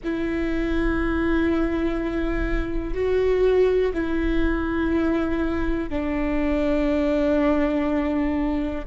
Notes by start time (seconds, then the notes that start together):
0.04 E4
2.94 F#4
3.93 E4
5.89 D4